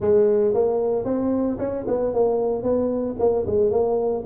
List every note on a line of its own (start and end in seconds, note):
0.00 0.53 G#3
0.53 1.05 A#3
1.05 1.58 C4
1.58 1.84 C#4
1.87 2.13 B3
2.13 2.62 A#3
2.62 3.15 B3
3.19 3.45 A#3
3.46 3.70 G#3
3.70 4.23 A#3